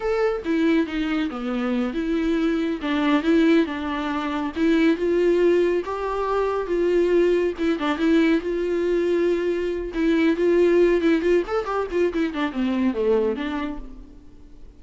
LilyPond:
\new Staff \with { instrumentName = "viola" } { \time 4/4 \tempo 4 = 139 a'4 e'4 dis'4 b4~ | b8 e'2 d'4 e'8~ | e'8 d'2 e'4 f'8~ | f'4. g'2 f'8~ |
f'4. e'8 d'8 e'4 f'8~ | f'2. e'4 | f'4. e'8 f'8 a'8 g'8 f'8 | e'8 d'8 c'4 a4 d'4 | }